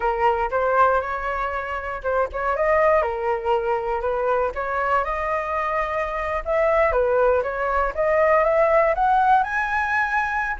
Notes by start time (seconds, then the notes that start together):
0.00 A#4
0.50 C5
1.01 C#5
2.03 C5
2.32 C#5
2.56 D#5
3.02 A#4
4.01 B4
4.54 C#5
5.04 D#5
6.45 E5
6.91 B4
7.43 C#5
7.95 D#5
8.44 E5
8.94 F#5
9.43 G#5